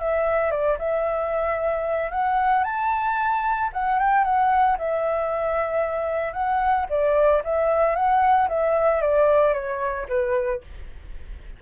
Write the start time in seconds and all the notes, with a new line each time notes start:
0.00 E5
0.51 D5
0.79 E5
2.11 F#5
2.64 A5
3.74 F#5
3.99 G5
4.25 F#5
4.79 E5
6.34 F#5
6.90 D5
7.45 E5
7.96 F#5
8.49 E5
9.02 D5
9.54 C#5
10.09 B4